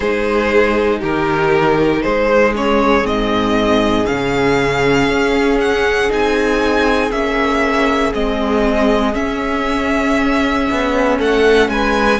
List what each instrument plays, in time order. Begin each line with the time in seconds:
0.00 cello G#3, viola D#4, violin G#4 C5
1.00 cello D#3, violin G4 A#4
2.02 cello G#3, violin G#4 C5
2.55 viola C#4, violin C#5
3.03 cello G#2, viola C4, violin D#5
4.06 cello C#3, viola C#4, violin F5
5.08 cello C#4
5.60 violin F#5
6.08 cello C4, viola D#4, violin G#5
7.11 cello A#3, viola C#4, violin E5
8.13 cello G#3, viola C4, violin D#5
9.13 viola C#4, cello C#4, violin E5
10.70 cello B3
11.17 cello A3, violin A4 F#5
11.68 cello G#3, violin B4 G#5